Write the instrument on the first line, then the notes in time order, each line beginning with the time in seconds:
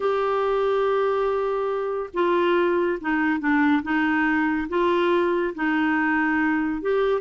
clarinet
0.00 G4
2.13 F4
3.00 D#4
3.39 D4
3.83 D#4
4.68 F4
5.55 D#4
6.81 G4